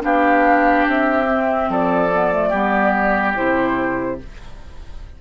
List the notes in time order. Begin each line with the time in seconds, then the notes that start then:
0.00 B3 D4 G4 F5
0.87 C4 E5
1.27 C4
1.69 F3 A4 D5
2.11 B3
2.32 A3
2.49 G3 B3 G4
3.35 C3 E4 C5